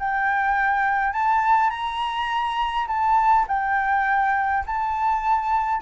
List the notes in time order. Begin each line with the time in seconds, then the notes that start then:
0.00 G5
1.13 A5
1.71 A#5
2.88 A5
3.48 G5
4.67 A5